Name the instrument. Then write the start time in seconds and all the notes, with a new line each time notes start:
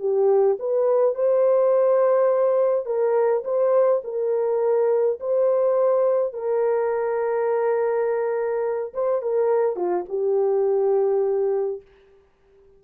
horn
0.00 G4
0.60 B4
1.15 C5
2.86 A#4
3.45 C5
4.04 A#4
5.20 C5
6.34 A#4
8.94 C5
9.22 A#4
9.77 F4
10.09 G4